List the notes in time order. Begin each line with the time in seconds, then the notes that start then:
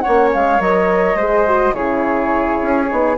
0.00 C#4 C#5 F#5
0.07 A#3
0.33 G#3 F5
0.59 F#3 A#4 D#5
1.15 G#3 G#4 C5
1.47 F#4
1.74 C#3 E4 G#4 C#5
2.62 C#4
2.89 B3 D#4